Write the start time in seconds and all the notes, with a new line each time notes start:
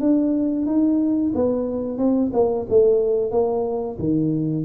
0.00 D4
0.66 D#4
1.35 B3
1.98 C4
2.33 A#3
2.69 A3
3.31 A#3
3.99 D#3